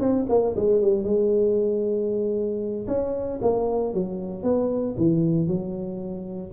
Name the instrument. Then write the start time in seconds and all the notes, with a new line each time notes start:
tuba
0.00 C4
0.29 A#3
0.56 G#3
0.82 G3
1.04 G#3
2.88 C#4
3.42 A#3
3.94 F#3
4.43 B3
4.97 E3
5.48 F#3